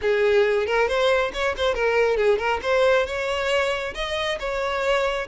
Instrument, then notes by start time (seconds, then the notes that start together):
violin
0.01 G#4
0.66 A#4
0.88 C5
1.33 C#5
1.57 C5
1.74 A#4
2.16 G#4
2.38 A#4
2.62 C5
3.06 C#5
3.94 D#5
4.39 C#5